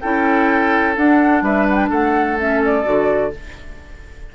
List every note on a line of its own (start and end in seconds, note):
0.00 0.97 C#4
0.00 0.96 E4
0.00 1.43 A4
0.00 0.94 G5
0.96 2.37 D4
0.96 1.41 D4
0.96 1.44 F#5
1.41 1.89 G3
1.41 1.89 B4
1.41 1.68 E5
1.68 1.75 F#5
1.75 1.87 G5
1.89 2.85 A3
1.89 3.31 A4
1.89 2.39 F#5
2.38 2.83 C#4
2.38 2.64 E5
2.64 3.35 D5
2.83 3.33 D3
2.83 3.30 F#4